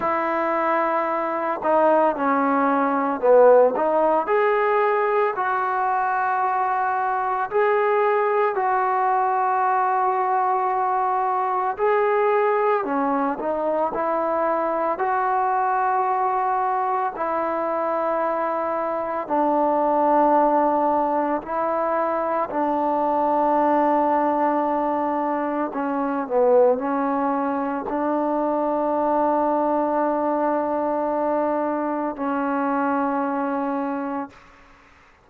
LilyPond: \new Staff \with { instrumentName = "trombone" } { \time 4/4 \tempo 4 = 56 e'4. dis'8 cis'4 b8 dis'8 | gis'4 fis'2 gis'4 | fis'2. gis'4 | cis'8 dis'8 e'4 fis'2 |
e'2 d'2 | e'4 d'2. | cis'8 b8 cis'4 d'2~ | d'2 cis'2 | }